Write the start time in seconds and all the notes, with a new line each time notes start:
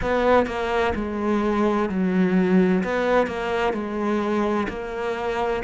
0.01 B3
0.46 A#3
0.95 G#3
1.89 F#3
2.83 B3
3.26 A#3
3.73 G#3
4.69 A#3